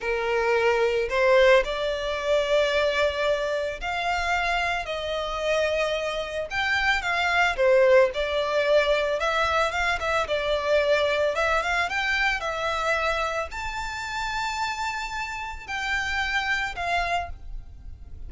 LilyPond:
\new Staff \with { instrumentName = "violin" } { \time 4/4 \tempo 4 = 111 ais'2 c''4 d''4~ | d''2. f''4~ | f''4 dis''2. | g''4 f''4 c''4 d''4~ |
d''4 e''4 f''8 e''8 d''4~ | d''4 e''8 f''8 g''4 e''4~ | e''4 a''2.~ | a''4 g''2 f''4 | }